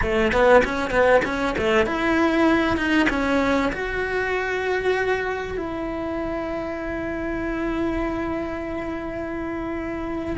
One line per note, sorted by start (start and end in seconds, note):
0.01 0.32 A3
0.32 0.63 B3
0.64 0.90 C#4
0.90 1.21 B3
1.24 1.55 C#4
1.58 1.86 A3
1.86 2.76 E4
2.76 3.07 D#4
3.09 3.71 C#4
3.72 5.57 F#4
5.57 10.36 E4